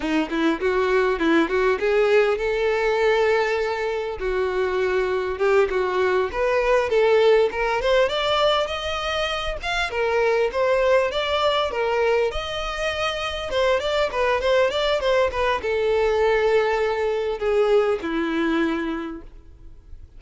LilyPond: \new Staff \with { instrumentName = "violin" } { \time 4/4 \tempo 4 = 100 dis'8 e'8 fis'4 e'8 fis'8 gis'4 | a'2. fis'4~ | fis'4 g'8 fis'4 b'4 a'8~ | a'8 ais'8 c''8 d''4 dis''4. |
f''8 ais'4 c''4 d''4 ais'8~ | ais'8 dis''2 c''8 d''8 b'8 | c''8 d''8 c''8 b'8 a'2~ | a'4 gis'4 e'2 | }